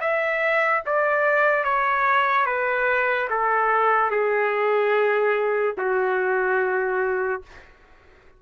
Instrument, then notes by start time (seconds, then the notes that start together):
trumpet
0.00 E5
0.86 D5
1.64 C#5
2.46 B4
3.30 A4
4.11 G#4
5.77 F#4